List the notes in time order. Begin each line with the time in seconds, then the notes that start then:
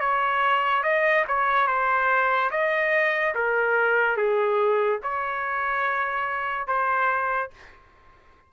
0.00 C#5
0.83 D#5
1.27 C#5
1.67 C5
2.51 D#5
3.34 A#4
4.16 G#4
5.02 C#5
6.67 C5